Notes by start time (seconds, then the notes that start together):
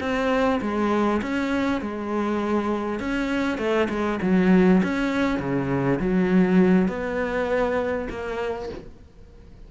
0.00 C4
0.61 G#3
1.22 C#4
1.81 G#3
2.99 C#4
3.58 A3
3.89 G#3
4.22 F#3
4.83 C#4
5.39 C#3
5.99 F#3
6.88 B3
8.10 A#3